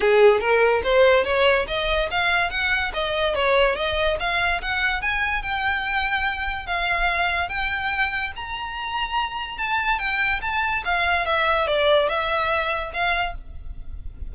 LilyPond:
\new Staff \with { instrumentName = "violin" } { \time 4/4 \tempo 4 = 144 gis'4 ais'4 c''4 cis''4 | dis''4 f''4 fis''4 dis''4 | cis''4 dis''4 f''4 fis''4 | gis''4 g''2. |
f''2 g''2 | ais''2. a''4 | g''4 a''4 f''4 e''4 | d''4 e''2 f''4 | }